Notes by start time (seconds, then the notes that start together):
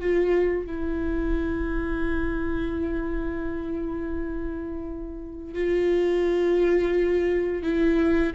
0.00 F4
0.67 E4
5.54 F4
7.63 E4